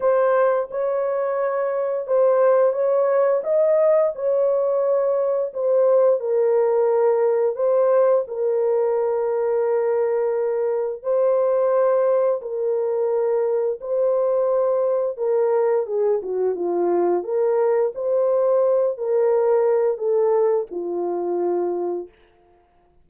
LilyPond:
\new Staff \with { instrumentName = "horn" } { \time 4/4 \tempo 4 = 87 c''4 cis''2 c''4 | cis''4 dis''4 cis''2 | c''4 ais'2 c''4 | ais'1 |
c''2 ais'2 | c''2 ais'4 gis'8 fis'8 | f'4 ais'4 c''4. ais'8~ | ais'4 a'4 f'2 | }